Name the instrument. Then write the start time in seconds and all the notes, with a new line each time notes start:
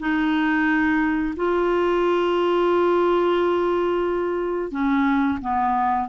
clarinet
0.00 D#4
1.37 F4
4.72 C#4
5.41 B3